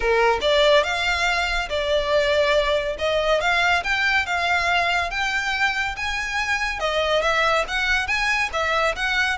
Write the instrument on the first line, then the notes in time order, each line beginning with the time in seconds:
violin
0.00 A#4
0.41 D5
0.83 F5
1.69 D5
2.98 D#5
3.40 F5
3.83 G5
4.26 F5
5.10 G5
5.96 G#5
6.79 D#5
7.22 E5
7.68 F#5
8.07 G#5
8.52 E5
8.95 F#5